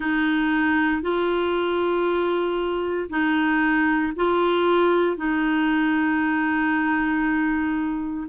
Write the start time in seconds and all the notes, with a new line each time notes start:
0.00 D#4
1.02 F4
3.09 D#4
4.16 F4
5.17 D#4